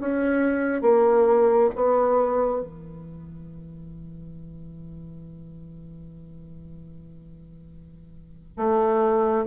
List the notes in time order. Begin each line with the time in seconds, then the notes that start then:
0.00 C#4
0.82 A#3
1.75 B3
2.61 E3
8.57 A3